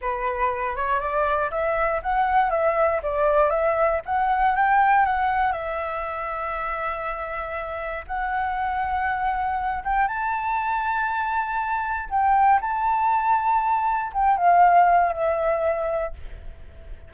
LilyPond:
\new Staff \with { instrumentName = "flute" } { \time 4/4 \tempo 4 = 119 b'4. cis''8 d''4 e''4 | fis''4 e''4 d''4 e''4 | fis''4 g''4 fis''4 e''4~ | e''1 |
fis''2.~ fis''8 g''8 | a''1 | g''4 a''2. | g''8 f''4. e''2 | }